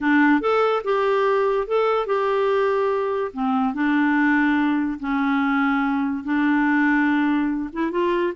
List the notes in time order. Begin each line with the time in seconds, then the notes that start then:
0.00 D4
0.40 A4
0.84 G4
1.67 A4
2.06 G4
3.33 C4
3.74 D4
4.99 C#4
6.24 D4
7.72 E4
7.91 F4